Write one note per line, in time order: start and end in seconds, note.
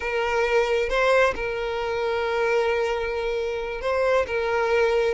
0.00 0.89 A#4
0.89 1.34 C5
1.35 3.81 A#4
3.81 4.26 C5
4.26 5.14 A#4